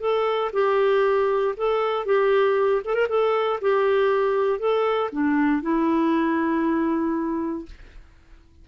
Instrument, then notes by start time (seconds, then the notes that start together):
clarinet
0.00 A4
0.53 G4
1.57 A4
2.05 G4
2.85 A4
2.94 A#4
3.09 A4
3.61 G4
4.59 A4
5.12 D4
5.62 E4